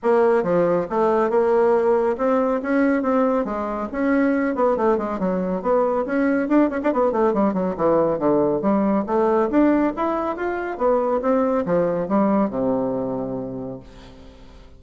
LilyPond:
\new Staff \with { instrumentName = "bassoon" } { \time 4/4 \tempo 4 = 139 ais4 f4 a4 ais4~ | ais4 c'4 cis'4 c'4 | gis4 cis'4. b8 a8 gis8 | fis4 b4 cis'4 d'8 cis'16 d'16 |
b8 a8 g8 fis8 e4 d4 | g4 a4 d'4 e'4 | f'4 b4 c'4 f4 | g4 c2. | }